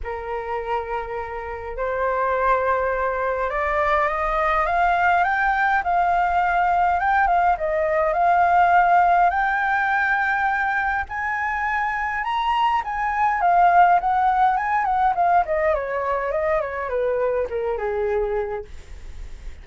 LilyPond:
\new Staff \with { instrumentName = "flute" } { \time 4/4 \tempo 4 = 103 ais'2. c''4~ | c''2 d''4 dis''4 | f''4 g''4 f''2 | g''8 f''8 dis''4 f''2 |
g''2. gis''4~ | gis''4 ais''4 gis''4 f''4 | fis''4 gis''8 fis''8 f''8 dis''8 cis''4 | dis''8 cis''8 b'4 ais'8 gis'4. | }